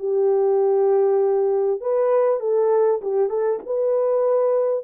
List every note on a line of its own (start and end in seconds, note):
0.00 1.81 G4
1.81 2.41 B4
2.41 3.01 A4
3.02 3.30 G4
3.30 3.60 A4
3.66 4.85 B4